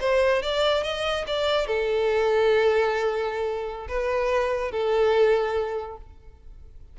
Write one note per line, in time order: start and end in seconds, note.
0.00 0.42 C5
0.42 0.83 D5
0.83 1.25 D#5
1.26 1.67 D5
1.67 3.87 A4
3.88 4.71 B4
4.71 5.97 A4